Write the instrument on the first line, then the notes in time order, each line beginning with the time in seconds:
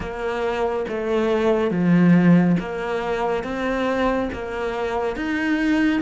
cello
0.00 A#3
0.88 A3
1.70 F3
2.59 A#3
3.43 C4
4.32 A#3
5.15 D#4